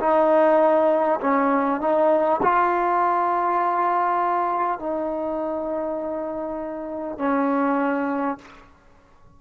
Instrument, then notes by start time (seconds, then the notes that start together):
trombone
0.00 D#4
1.21 C#4
1.81 D#4
2.43 F4
4.79 D#4
7.18 C#4